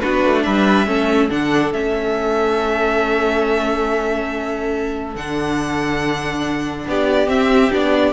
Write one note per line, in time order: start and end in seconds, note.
0.00 0.25 B3
0.00 0.86 D4
0.00 0.44 F#4
0.00 0.43 B4
0.25 0.46 A3
0.43 0.87 G3
0.43 0.88 B4
0.43 1.29 E5
0.86 1.30 A3
0.86 1.29 C#4
0.86 6.88 A4
1.30 1.72 D3
1.30 1.73 D4
1.30 1.73 F#5
1.72 5.15 A3
1.72 5.16 C#4
1.72 5.16 E5
5.15 6.87 D3
5.15 7.27 D4
5.15 6.87 F#5
6.87 7.28 B3
6.87 8.13 G4
6.87 7.29 D5
7.27 7.70 C4
7.27 7.71 C4
7.27 7.72 E5
7.71 8.13 B3
7.71 8.13 D4
7.71 8.13 D5